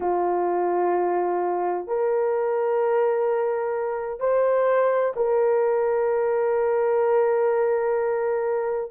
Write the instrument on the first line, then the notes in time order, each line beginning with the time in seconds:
horn
0.00 F4
1.87 A#4
4.20 C5
5.16 A#4